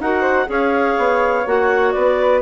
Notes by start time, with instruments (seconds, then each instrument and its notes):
0.00 bassoon D#4, clarinet F#4 F#5, flute A#4
0.22 flute C5
0.47 bassoon C#4, clarinet G#4 F5, flute C#5
0.98 bassoon B3
1.46 bassoon A#3, clarinet F#4 F#5
1.92 bassoon B3, flute B4, clarinet D5